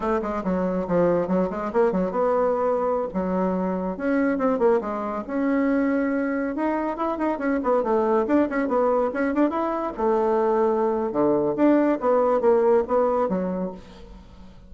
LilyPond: \new Staff \with { instrumentName = "bassoon" } { \time 4/4 \tempo 4 = 140 a8 gis8 fis4 f4 fis8 gis8 | ais8 fis8 b2~ b16 fis8.~ | fis4~ fis16 cis'4 c'8 ais8 gis8.~ | gis16 cis'2. dis'8.~ |
dis'16 e'8 dis'8 cis'8 b8 a4 d'8 cis'16~ | cis'16 b4 cis'8 d'8 e'4 a8.~ | a2 d4 d'4 | b4 ais4 b4 fis4 | }